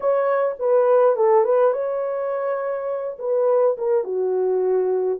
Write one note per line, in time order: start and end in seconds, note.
0.00 0.55 C#5
0.59 1.16 B4
1.16 1.44 A4
1.44 1.73 B4
1.73 3.17 C#5
3.19 3.76 B4
3.77 4.04 A#4
4.04 5.19 F#4